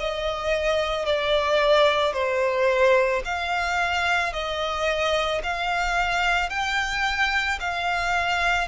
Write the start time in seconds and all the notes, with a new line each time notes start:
0.00 D#5
1.06 D5
2.13 C5
3.25 F5
4.33 D#5
5.43 F5
6.50 G5
7.60 F5